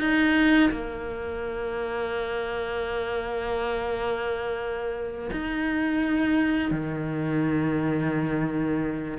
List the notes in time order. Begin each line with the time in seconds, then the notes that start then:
0.00 D#4
0.71 A#3
5.31 D#4
6.71 D#3